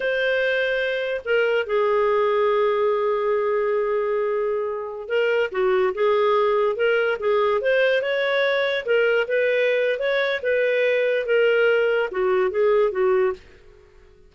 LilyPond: \new Staff \with { instrumentName = "clarinet" } { \time 4/4 \tempo 4 = 144 c''2. ais'4 | gis'1~ | gis'1~ | gis'16 ais'4 fis'4 gis'4.~ gis'16~ |
gis'16 ais'4 gis'4 c''4 cis''8.~ | cis''4~ cis''16 ais'4 b'4.~ b'16 | cis''4 b'2 ais'4~ | ais'4 fis'4 gis'4 fis'4 | }